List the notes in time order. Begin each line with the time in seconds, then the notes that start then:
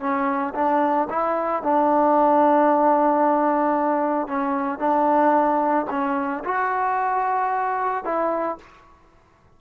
0.00 C#4
0.54 D4
1.10 E4
1.63 D4
4.27 C#4
4.79 D4
5.90 C#4
6.44 F#4
8.04 E4